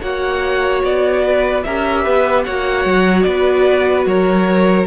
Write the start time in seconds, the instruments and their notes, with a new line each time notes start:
0.00 cello A#3, viola F#4, violin C#5 F#5
0.83 cello B3, violin D5
1.23 violin B4
1.63 cello C#4, viola G4, violin A#4 E5
2.03 cello B3, violin B4
2.43 cello A#3, viola F#4, violin C#5 F#5
2.85 cello F#3
3.22 cello B3, violin B4 D5
4.05 cello F#3, violin A#4 C#5